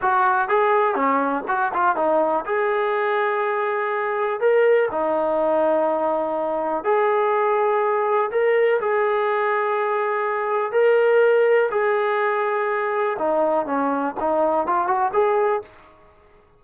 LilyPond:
\new Staff \with { instrumentName = "trombone" } { \time 4/4 \tempo 4 = 123 fis'4 gis'4 cis'4 fis'8 f'8 | dis'4 gis'2.~ | gis'4 ais'4 dis'2~ | dis'2 gis'2~ |
gis'4 ais'4 gis'2~ | gis'2 ais'2 | gis'2. dis'4 | cis'4 dis'4 f'8 fis'8 gis'4 | }